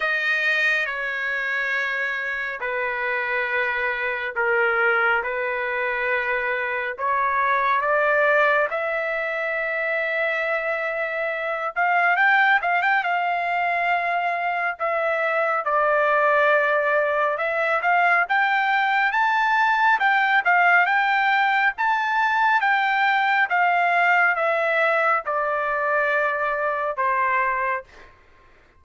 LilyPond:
\new Staff \with { instrumentName = "trumpet" } { \time 4/4 \tempo 4 = 69 dis''4 cis''2 b'4~ | b'4 ais'4 b'2 | cis''4 d''4 e''2~ | e''4. f''8 g''8 f''16 g''16 f''4~ |
f''4 e''4 d''2 | e''8 f''8 g''4 a''4 g''8 f''8 | g''4 a''4 g''4 f''4 | e''4 d''2 c''4 | }